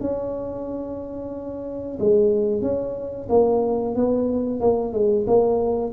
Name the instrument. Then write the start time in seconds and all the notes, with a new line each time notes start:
tuba
0.00 C#4
1.99 G#3
2.61 C#4
3.29 A#3
3.95 B3
4.60 A#3
4.92 G#3
5.26 A#3